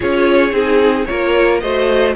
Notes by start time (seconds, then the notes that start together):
0.00 C#4 F4 G#4 C#5
0.51 C4 D#4 G#4
1.05 A#3 F4 A#4 C#5
1.60 A3 F#4 C5 D#5